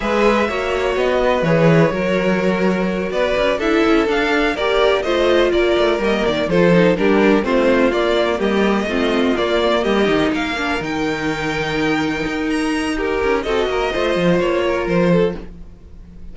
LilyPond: <<
  \new Staff \with { instrumentName = "violin" } { \time 4/4 \tempo 4 = 125 e''2 dis''4 cis''4~ | cis''2~ cis''8 d''4 e''8~ | e''8 f''4 d''4 dis''4 d''8~ | d''8 dis''8 d''8 c''4 ais'4 c''8~ |
c''8 d''4 dis''2 d''8~ | d''8 dis''4 f''4 g''4.~ | g''2 ais''4 ais'4 | dis''2 cis''4 c''4 | }
  \new Staff \with { instrumentName = "violin" } { \time 4/4 b'4 cis''4. b'4. | ais'2~ ais'8 b'4 a'8~ | a'4. ais'4 c''4 ais'8~ | ais'4. a'4 g'4 f'8~ |
f'4. g'4 f'4.~ | f'8 g'4 ais'2~ ais'8~ | ais'2. g'4 | a'8 ais'8 c''4. ais'4 a'8 | }
  \new Staff \with { instrumentName = "viola" } { \time 4/4 gis'4 fis'2 gis'4 | fis'2.~ fis'8 e'8~ | e'8 d'4 g'4 f'4.~ | f'8 ais4 f'8 dis'8 d'4 c'8~ |
c'8 ais2 c'4 ais8~ | ais4 dis'4 d'8 dis'4.~ | dis'1 | fis'4 f'2. | }
  \new Staff \with { instrumentName = "cello" } { \time 4/4 gis4 ais4 b4 e4 | fis2~ fis8 b8 cis'8 d'8 | cis'8 d'4 ais4 a4 ais8 | a8 g8 dis8 f4 g4 a8~ |
a8 ais4 g4 a4 ais8~ | ais8 g8 dis8 ais4 dis4.~ | dis4. dis'2 cis'8 | c'8 ais8 a8 f8 ais4 f4 | }
>>